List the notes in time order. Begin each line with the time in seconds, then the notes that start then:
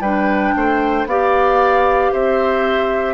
0.00 G3 D4 B4 G5
0.56 A3 C5
1.06 B3 G4 D5 F5
2.12 C4 C5 E5